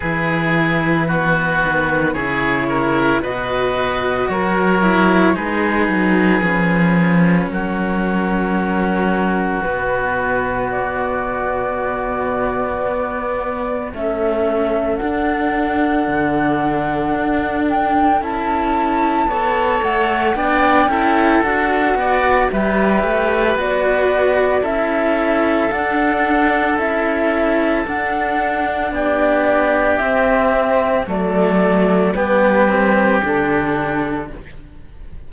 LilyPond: <<
  \new Staff \with { instrumentName = "flute" } { \time 4/4 \tempo 4 = 56 b'2 cis''4 dis''4 | cis''4 b'2 ais'4~ | ais'4 b'4 d''2~ | d''4 e''4 fis''2~ |
fis''8 g''8 a''4. fis''8 g''4 | fis''4 e''4 d''4 e''4 | fis''4 e''4 fis''4 d''4 | e''4 d''4 b'4 a'4 | }
  \new Staff \with { instrumentName = "oboe" } { \time 4/4 gis'4 fis'4 gis'8 ais'8 b'4 | ais'4 gis'2 fis'4~ | fis'1~ | fis'4 a'2.~ |
a'2 cis''4 d''8 a'8~ | a'8 d''8 b'2 a'4~ | a'2. g'4~ | g'4 a'4 g'2 | }
  \new Staff \with { instrumentName = "cello" } { \time 4/4 e'4 b4 e'4 fis'4~ | fis'8 e'8 dis'4 cis'2~ | cis'4 b2.~ | b4 cis'4 d'2~ |
d'4 e'4 a'4 d'8 e'8 | fis'4 g'4 fis'4 e'4 | d'4 e'4 d'2 | c'4 a4 b8 c'8 d'4 | }
  \new Staff \with { instrumentName = "cello" } { \time 4/4 e4. dis8 cis4 b,4 | fis4 gis8 fis8 f4 fis4~ | fis4 b,2. | b4 a4 d'4 d4 |
d'4 cis'4 b8 a8 b8 cis'8 | d'8 b8 g8 a8 b4 cis'4 | d'4 cis'4 d'4 b4 | c'4 fis4 g4 d4 | }
>>